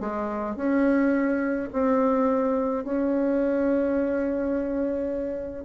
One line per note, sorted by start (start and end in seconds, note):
0.00 0.56 G#3
0.56 1.69 C#4
1.73 2.84 C4
2.84 5.66 C#4